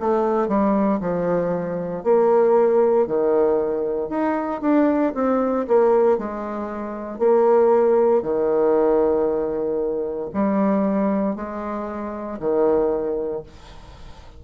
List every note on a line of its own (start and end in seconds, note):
0.00 0.48 A3
0.48 1.00 G3
1.00 2.03 F3
2.03 3.07 A#3
3.07 4.09 D#3
4.09 4.61 D#4
4.61 5.13 D4
5.14 5.66 C4
5.67 6.18 A#3
6.18 7.18 G#3
7.18 8.22 A#3
8.22 10.29 D#3
10.33 11.35 G3
11.35 12.39 G#3
12.39 13.43 D#3